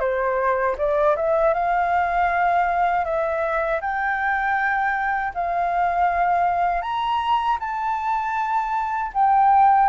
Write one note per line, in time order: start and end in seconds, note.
0.00 0.76 C5
0.78 1.16 D5
1.16 1.54 E5
1.54 3.05 F5
3.05 3.81 E5
3.81 5.33 G5
5.34 6.82 F5
6.82 7.58 A#5
7.60 9.12 A5
9.14 9.89 G5